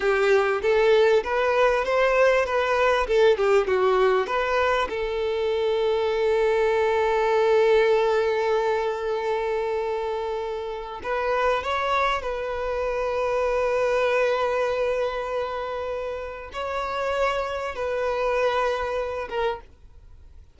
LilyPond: \new Staff \with { instrumentName = "violin" } { \time 4/4 \tempo 4 = 98 g'4 a'4 b'4 c''4 | b'4 a'8 g'8 fis'4 b'4 | a'1~ | a'1~ |
a'2 b'4 cis''4 | b'1~ | b'2. cis''4~ | cis''4 b'2~ b'8 ais'8 | }